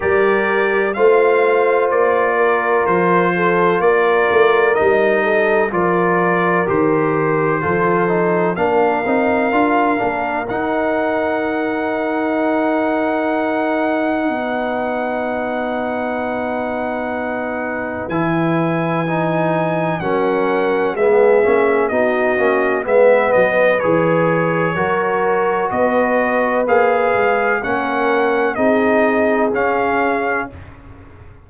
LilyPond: <<
  \new Staff \with { instrumentName = "trumpet" } { \time 4/4 \tempo 4 = 63 d''4 f''4 d''4 c''4 | d''4 dis''4 d''4 c''4~ | c''4 f''2 fis''4~ | fis''1~ |
fis''2. gis''4~ | gis''4 fis''4 e''4 dis''4 | e''8 dis''8 cis''2 dis''4 | f''4 fis''4 dis''4 f''4 | }
  \new Staff \with { instrumentName = "horn" } { \time 4/4 ais'4 c''4. ais'4 a'8 | ais'4. a'8 ais'2 | a'4 ais'2.~ | ais'2. b'4~ |
b'1~ | b'4 ais'4 gis'4 fis'4 | b'2 ais'4 b'4~ | b'4 ais'4 gis'2 | }
  \new Staff \with { instrumentName = "trombone" } { \time 4/4 g'4 f'2.~ | f'4 dis'4 f'4 g'4 | f'8 dis'8 d'8 dis'8 f'8 d'8 dis'4~ | dis'1~ |
dis'2. e'4 | dis'4 cis'4 b8 cis'8 dis'8 cis'8 | b4 gis'4 fis'2 | gis'4 cis'4 dis'4 cis'4 | }
  \new Staff \with { instrumentName = "tuba" } { \time 4/4 g4 a4 ais4 f4 | ais8 a8 g4 f4 dis4 | f4 ais8 c'8 d'8 ais8 dis'4~ | dis'2. b4~ |
b2. e4~ | e4 fis4 gis8 ais8 b8 ais8 | gis8 fis8 e4 fis4 b4 | ais8 gis8 ais4 c'4 cis'4 | }
>>